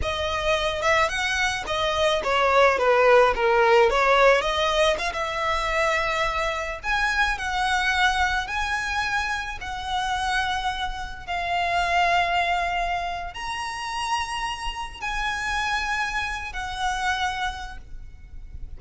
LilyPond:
\new Staff \with { instrumentName = "violin" } { \time 4/4 \tempo 4 = 108 dis''4. e''8 fis''4 dis''4 | cis''4 b'4 ais'4 cis''4 | dis''4 f''16 e''2~ e''8.~ | e''16 gis''4 fis''2 gis''8.~ |
gis''4~ gis''16 fis''2~ fis''8.~ | fis''16 f''2.~ f''8. | ais''2. gis''4~ | gis''4.~ gis''16 fis''2~ fis''16 | }